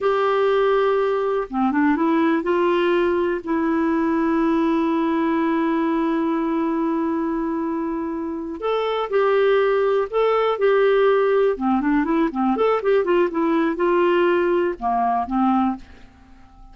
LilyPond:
\new Staff \with { instrumentName = "clarinet" } { \time 4/4 \tempo 4 = 122 g'2. c'8 d'8 | e'4 f'2 e'4~ | e'1~ | e'1~ |
e'4. a'4 g'4.~ | g'8 a'4 g'2 c'8 | d'8 e'8 c'8 a'8 g'8 f'8 e'4 | f'2 ais4 c'4 | }